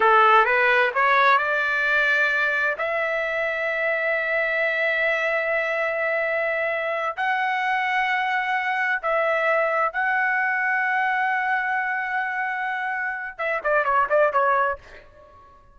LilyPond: \new Staff \with { instrumentName = "trumpet" } { \time 4/4 \tempo 4 = 130 a'4 b'4 cis''4 d''4~ | d''2 e''2~ | e''1~ | e''2.~ e''8 fis''8~ |
fis''2.~ fis''8 e''8~ | e''4. fis''2~ fis''8~ | fis''1~ | fis''4 e''8 d''8 cis''8 d''8 cis''4 | }